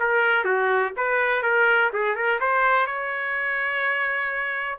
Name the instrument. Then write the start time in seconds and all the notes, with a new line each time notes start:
trumpet
0.00 A#4
0.45 F#4
0.97 B4
1.43 A#4
1.93 G#4
2.16 A#4
2.40 C5
2.87 C#5